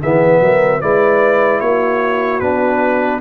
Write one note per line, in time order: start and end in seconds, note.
0.00 0.40 E3
0.00 0.82 B3
0.00 0.40 G#4
0.00 0.81 E5
0.40 0.80 F#3
0.40 0.81 A#4
0.81 1.60 G#3
0.81 2.41 E4
0.81 1.60 B4
0.81 1.60 D5
1.60 2.40 A#3
1.60 3.20 F#4
1.60 2.40 C#5
2.40 3.21 B3
2.40 3.21 D4
2.40 3.20 B4